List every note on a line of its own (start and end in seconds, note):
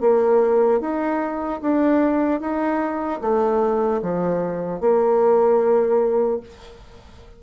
0.00 0.80 A#3
0.80 1.60 D#4
1.61 2.40 D4
2.40 3.20 D#4
3.21 4.01 A3
4.02 4.80 F3
4.80 6.40 A#3